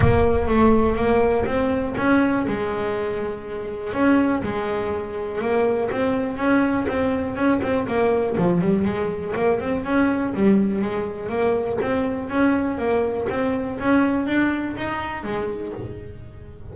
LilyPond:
\new Staff \with { instrumentName = "double bass" } { \time 4/4 \tempo 4 = 122 ais4 a4 ais4 c'4 | cis'4 gis2. | cis'4 gis2 ais4 | c'4 cis'4 c'4 cis'8 c'8 |
ais4 f8 g8 gis4 ais8 c'8 | cis'4 g4 gis4 ais4 | c'4 cis'4 ais4 c'4 | cis'4 d'4 dis'4 gis4 | }